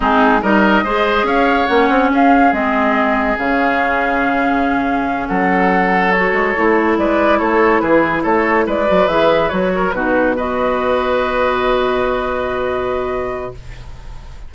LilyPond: <<
  \new Staff \with { instrumentName = "flute" } { \time 4/4 \tempo 4 = 142 gis'4 dis''2 f''4 | fis''4 f''4 dis''2 | f''1~ | f''8 fis''2 cis''4.~ |
cis''8 d''4 cis''4 b'4 cis''8~ | cis''8 d''4 e''4 cis''4 b'8~ | b'8 dis''2.~ dis''8~ | dis''1 | }
  \new Staff \with { instrumentName = "oboe" } { \time 4/4 dis'4 ais'4 c''4 cis''4~ | cis''4 gis'2.~ | gis'1~ | gis'8 a'2.~ a'8~ |
a'8 b'4 a'4 gis'4 a'8~ | a'8 b'2~ b'8 ais'8 fis'8~ | fis'8 b'2.~ b'8~ | b'1 | }
  \new Staff \with { instrumentName = "clarinet" } { \time 4/4 c'4 dis'4 gis'2 | cis'2 c'2 | cis'1~ | cis'2~ cis'8 fis'4 e'8~ |
e'1~ | e'4 fis'8 gis'4 fis'4 dis'8~ | dis'8 fis'2.~ fis'8~ | fis'1 | }
  \new Staff \with { instrumentName = "bassoon" } { \time 4/4 gis4 g4 gis4 cis'4 | ais8 c'8 cis'4 gis2 | cis1~ | cis8 fis2~ fis8 gis8 a8~ |
a8 gis4 a4 e4 a8~ | a8 gis8 fis8 e4 fis4 b,8~ | b,1~ | b,1 | }
>>